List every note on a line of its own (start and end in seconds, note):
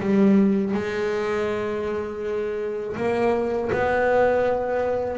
0.00 0.74 G3
0.74 2.96 G#3
2.96 3.70 A#3
3.72 5.18 B3